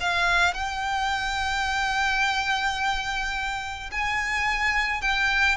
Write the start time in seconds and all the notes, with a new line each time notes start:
0.00 F5
0.54 G5
3.92 G#5
5.01 G5